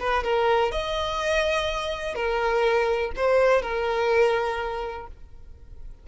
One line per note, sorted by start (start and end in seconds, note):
0.00 0.24 B4
0.24 0.72 A#4
0.72 2.15 D#5
2.15 3.12 A#4
3.16 3.62 C5
3.62 5.08 A#4